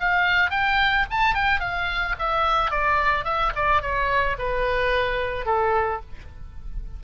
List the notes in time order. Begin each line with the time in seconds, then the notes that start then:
0.00 F5
0.51 G5
1.11 A5
1.35 G5
1.60 F5
2.19 E5
2.71 D5
3.25 E5
3.56 D5
3.82 C#5
4.38 B4
5.46 A4